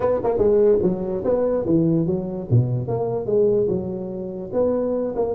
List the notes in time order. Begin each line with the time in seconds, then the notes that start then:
0.00 B3
0.23 A#3
0.38 G#3
0.82 F#3
1.24 B3
1.65 E3
2.06 F#3
2.50 B2
2.87 A#3
3.26 G#3
3.68 F#3
4.52 B3
5.15 A#3